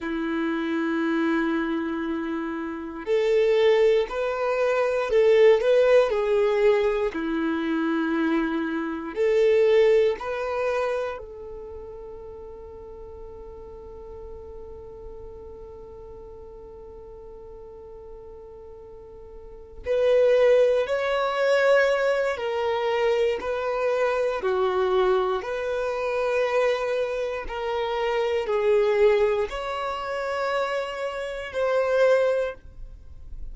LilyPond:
\new Staff \with { instrumentName = "violin" } { \time 4/4 \tempo 4 = 59 e'2. a'4 | b'4 a'8 b'8 gis'4 e'4~ | e'4 a'4 b'4 a'4~ | a'1~ |
a'2.~ a'8 b'8~ | b'8 cis''4. ais'4 b'4 | fis'4 b'2 ais'4 | gis'4 cis''2 c''4 | }